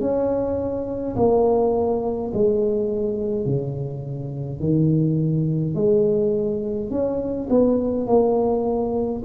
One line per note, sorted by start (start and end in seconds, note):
0.00 1.15 C#4
1.16 2.31 A#3
2.33 3.46 G#3
3.46 4.60 C#3
4.60 5.75 D#3
5.75 6.90 G#3
6.90 7.48 C#4
7.49 8.07 B3
8.07 9.22 A#3